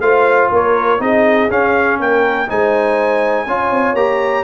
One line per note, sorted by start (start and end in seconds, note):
0.00 0.49 A3
0.00 1.00 F4
0.00 0.51 C5
0.00 0.50 F5
0.51 1.00 A#3
0.51 1.00 A#4
0.51 1.01 C#5
1.00 1.49 C4
1.00 1.49 D#4
1.00 2.00 G#4
1.00 1.51 D#5
1.49 2.48 C#4
1.49 2.00 C#4
1.49 2.00 F5
2.00 2.49 A#3
2.00 2.49 A#4
2.00 2.50 G5
2.48 3.47 G#3
2.48 3.47 D#4
2.48 3.47 C5
2.48 3.96 G#5
3.47 3.71 C#4
3.47 3.96 F4
3.47 4.44 C#5
3.71 3.94 C4
3.94 4.43 A#3
3.94 4.44 G4
3.94 4.44 A#5